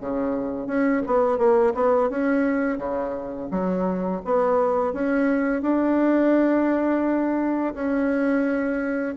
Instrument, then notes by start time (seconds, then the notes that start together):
bassoon
0.00 C#3
0.66 C#4
1.06 B3
1.38 A#3
1.74 B3
2.09 C#4
2.78 C#3
3.51 F#3
4.25 B3
4.93 C#4
5.62 D4
7.74 C#4